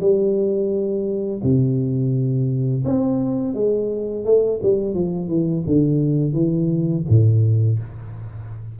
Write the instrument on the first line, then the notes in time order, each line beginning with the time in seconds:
tuba
0.00 G3
1.43 C3
2.85 C4
3.54 G#3
4.25 A3
4.62 G3
4.94 F3
5.28 E3
5.66 D3
6.33 E3
7.09 A2